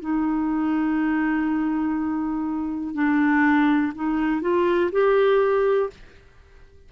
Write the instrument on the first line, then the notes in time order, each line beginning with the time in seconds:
clarinet
0.00 D#4
2.94 D4
3.95 D#4
4.41 F4
4.91 G4